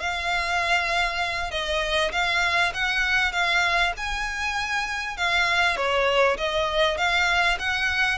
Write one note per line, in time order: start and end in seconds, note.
0.00 1.51 F5
1.51 2.12 D#5
2.12 2.73 F5
2.74 3.32 F#5
3.32 3.93 F5
3.97 5.17 G#5
5.17 5.77 F5
5.77 6.37 C#5
6.38 6.98 D#5
6.98 7.58 F5
7.59 8.18 F#5